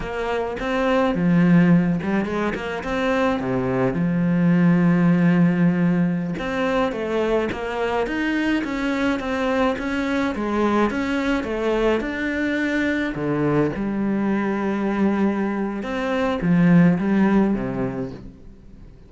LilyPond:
\new Staff \with { instrumentName = "cello" } { \time 4/4 \tempo 4 = 106 ais4 c'4 f4. g8 | gis8 ais8 c'4 c4 f4~ | f2.~ f16 c'8.~ | c'16 a4 ais4 dis'4 cis'8.~ |
cis'16 c'4 cis'4 gis4 cis'8.~ | cis'16 a4 d'2 d8.~ | d16 g2.~ g8. | c'4 f4 g4 c4 | }